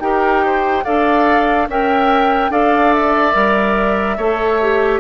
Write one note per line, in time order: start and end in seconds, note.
0.00 0.83 D#4
0.00 0.84 G4
0.00 0.45 A#4
0.00 0.84 G5
0.46 0.84 C5
0.84 1.68 D4
0.84 1.68 A4
0.84 1.68 D5
0.84 1.68 F5
1.68 2.49 C#4
1.68 2.51 A#4
1.68 2.51 E5
1.68 2.52 G5
2.49 3.33 D4
2.49 3.33 A4
2.49 4.17 D5
2.49 2.94 F5
2.94 5.00 E5
3.33 4.17 G3
3.33 4.16 A#4
4.17 5.00 A3
4.17 4.60 A4
4.17 5.00 C#5
4.61 5.00 G4